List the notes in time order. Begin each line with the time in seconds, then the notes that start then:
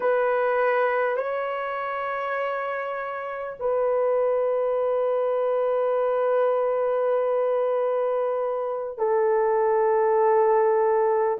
0.00 B4
1.16 C#5
3.59 B4
8.98 A4